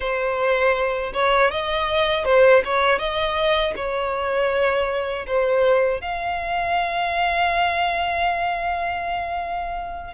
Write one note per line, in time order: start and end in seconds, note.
0.00 1.12 C5
1.13 1.50 C#5
1.50 2.25 D#5
2.25 2.62 C5
2.65 2.98 C#5
2.98 3.73 D#5
3.76 5.26 C#5
5.27 6.01 C5
6.01 10.13 F5